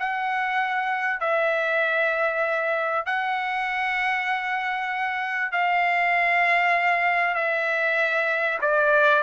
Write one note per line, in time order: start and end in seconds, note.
0.00 1.21 F#5
1.21 3.06 E5
3.06 5.52 F#5
5.52 7.35 F5
7.35 8.59 E5
8.62 9.23 D5